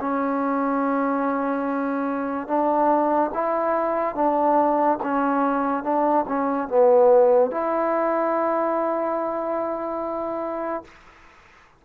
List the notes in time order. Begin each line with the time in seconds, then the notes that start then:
0.00 C#4
2.47 D4
3.34 E4
4.15 D4
5.03 C#4
5.83 D4
6.27 C#4
6.68 B3
7.50 E4